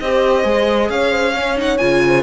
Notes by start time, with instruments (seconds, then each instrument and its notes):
0.00 cello C4, viola G4, horn C5, violin D#5
0.44 cello G#3, viola G#4
0.89 cello C#4, horn C#5, violin F5
1.11 horn C5
1.34 viola C#4, horn C#5
1.56 viola D#4, violin F#5
1.78 cello C#3, viola F4, violin G#5
2.06 horn C5